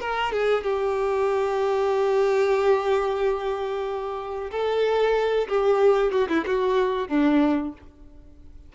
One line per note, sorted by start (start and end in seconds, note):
0.00 0.32 A#4
0.32 0.64 G#4
0.64 4.51 G4
4.51 5.48 A4
5.48 6.12 G4
6.12 6.28 F#4
6.29 6.45 E4
6.46 7.08 F#4
7.08 7.73 D4